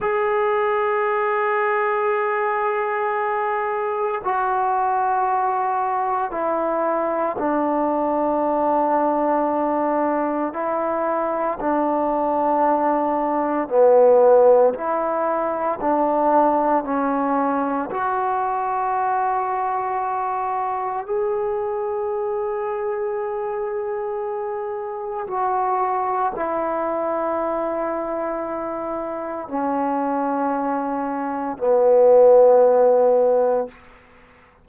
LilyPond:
\new Staff \with { instrumentName = "trombone" } { \time 4/4 \tempo 4 = 57 gis'1 | fis'2 e'4 d'4~ | d'2 e'4 d'4~ | d'4 b4 e'4 d'4 |
cis'4 fis'2. | gis'1 | fis'4 e'2. | cis'2 b2 | }